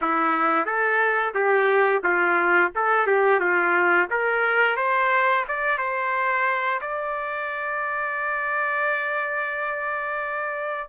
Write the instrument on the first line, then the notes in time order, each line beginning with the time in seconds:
trumpet
0.01 E4
0.65 A4
1.34 G4
2.03 F4
2.75 A4
3.06 G4
3.39 F4
4.10 A#4
4.76 C5
5.47 D5
5.78 C5
6.81 D5